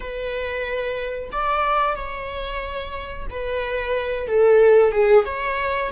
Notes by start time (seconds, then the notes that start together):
0.00 B4
1.32 D5
1.95 C#5
3.30 B4
4.27 A4
4.91 G#4
5.25 C#5